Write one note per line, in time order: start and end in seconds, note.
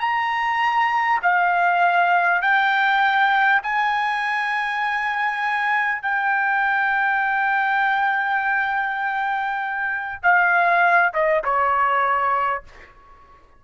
0.00 1.20 A#5
1.22 2.42 F5
2.42 3.62 G5
3.62 6.02 G#5
6.02 10.22 G5
10.23 11.13 F5
11.13 11.43 D#5
11.44 12.64 C#5